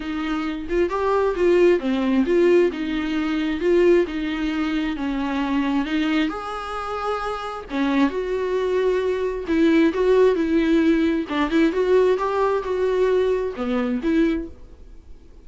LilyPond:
\new Staff \with { instrumentName = "viola" } { \time 4/4 \tempo 4 = 133 dis'4. f'8 g'4 f'4 | c'4 f'4 dis'2 | f'4 dis'2 cis'4~ | cis'4 dis'4 gis'2~ |
gis'4 cis'4 fis'2~ | fis'4 e'4 fis'4 e'4~ | e'4 d'8 e'8 fis'4 g'4 | fis'2 b4 e'4 | }